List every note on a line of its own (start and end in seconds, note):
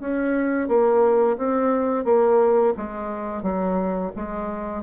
0.00 0.69 C#4
0.69 1.38 A#3
1.38 2.05 C4
2.05 2.74 A#3
2.77 3.43 G#3
3.43 4.12 F#3
4.16 4.83 G#3